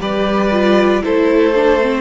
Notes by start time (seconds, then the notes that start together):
0.00 G3 G4 B4 D5
0.52 F4
1.02 A3 E4 A4 C5
1.55 D4
1.81 C4